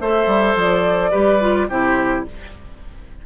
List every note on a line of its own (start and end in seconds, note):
0.00 0.26 A3
0.00 1.12 A4
0.00 1.11 C5
0.00 0.56 E5
0.26 0.54 G3
0.55 1.11 F3
0.55 1.69 D5
1.11 1.69 G3
1.11 1.40 G4
1.11 1.67 B4
1.41 1.69 F4
1.69 2.25 C3
1.69 2.26 E4
1.69 2.25 G4
1.69 2.25 C5